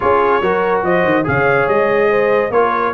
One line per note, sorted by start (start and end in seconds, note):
0.00 0.41 C#4
0.00 0.42 F4
0.00 0.42 G#4
0.00 0.81 C#5
0.41 0.83 F#3
0.41 1.24 F#4
0.41 0.84 A#4
0.83 1.04 F3
0.83 1.26 C5
0.83 1.26 D#5
1.04 1.25 D#3
1.24 1.67 C#3
1.24 2.49 G#4
1.24 2.10 C#5
1.24 1.68 F5
1.67 2.50 G#3
1.67 2.51 D#5
2.10 2.52 C5
2.50 2.92 A#3
2.50 2.93 F4
2.50 2.93 A#4
2.50 2.93 C#5